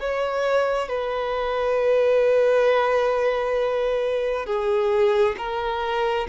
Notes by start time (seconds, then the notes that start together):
0.00 C#5
0.88 B4
4.46 G#4
5.38 A#4